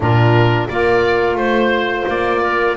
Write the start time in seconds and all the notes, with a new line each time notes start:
0.00 A#2 D4 F4 A#4
0.68 A#3 F4 A#4 D5
1.35 A3 C5
2.07 A#3 D5
2.42 A#4